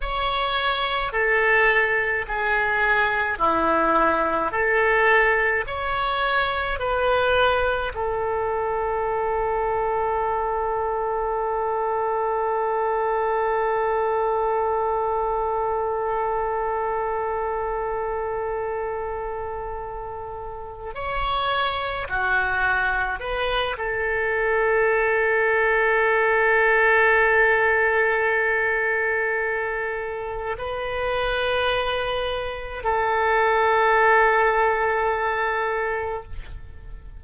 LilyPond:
\new Staff \with { instrumentName = "oboe" } { \time 4/4 \tempo 4 = 53 cis''4 a'4 gis'4 e'4 | a'4 cis''4 b'4 a'4~ | a'1~ | a'1~ |
a'2~ a'8 cis''4 fis'8~ | fis'8 b'8 a'2.~ | a'2. b'4~ | b'4 a'2. | }